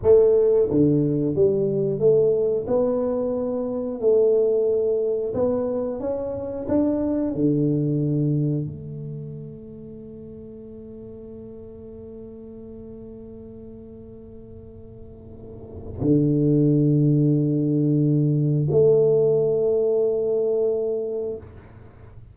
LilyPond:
\new Staff \with { instrumentName = "tuba" } { \time 4/4 \tempo 4 = 90 a4 d4 g4 a4 | b2 a2 | b4 cis'4 d'4 d4~ | d4 a2.~ |
a1~ | a1 | d1 | a1 | }